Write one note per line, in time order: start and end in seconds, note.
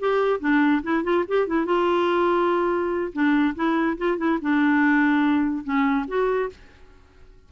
0.00 0.41 G4
0.41 0.83 D4
0.83 1.04 E4
1.04 1.25 F4
1.28 1.48 G4
1.48 1.66 E4
1.66 3.13 F4
3.13 3.55 D4
3.56 3.98 E4
3.98 4.18 F4
4.18 4.39 E4
4.42 5.64 D4
5.64 6.06 C#4
6.08 6.50 F#4